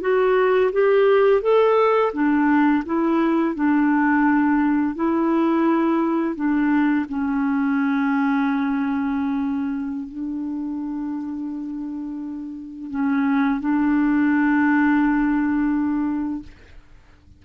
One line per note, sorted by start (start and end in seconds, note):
0.00 0.71 F#4
0.72 1.41 G4
1.41 2.12 A4
2.12 2.83 D4
2.85 3.55 E4
3.55 4.95 D4
4.95 6.35 E4
6.35 7.06 D4
7.08 10.08 C#4
10.08 12.90 D4
12.90 13.60 C#4
13.60 16.42 D4